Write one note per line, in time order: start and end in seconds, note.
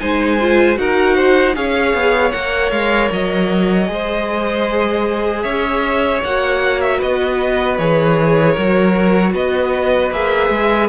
0.00 0.78 G#3
0.00 0.39 D#4
0.00 0.79 C5
0.00 0.78 G#5
0.41 0.76 F4
0.76 1.56 D#4
0.76 1.54 F#4
0.76 1.16 A#4
0.76 1.56 F#5
1.16 1.55 C5
1.55 1.94 C#4
1.55 2.33 G#4
1.55 3.91 C#5
1.55 2.32 F5
1.94 2.33 B3
2.32 2.72 A#3
2.32 3.87 A#4
2.32 2.71 F#5
2.71 3.11 G#3
2.71 3.10 F5
3.12 3.89 F#3
3.12 5.43 D#5
3.87 5.44 G#3
3.87 6.20 G#4
3.87 5.44 C5
5.43 6.22 C#4
5.43 6.99 C#5
5.43 6.20 E5
6.24 7.02 A#3
6.24 7.80 F#4
6.24 6.81 F#5
6.81 7.00 E5
6.99 7.79 B3
6.99 8.52 B4
6.99 7.78 D#5
7.78 8.56 E3
7.78 8.57 G#4
7.78 9.34 C#5
8.52 9.34 F#3
8.52 10.13 F#4
8.52 9.30 A#4
9.34 10.11 B3
9.34 10.89 B4
9.34 10.13 D#5
10.11 10.50 A#3
10.11 10.89 G#4
10.11 10.89 E5
10.50 10.89 G#3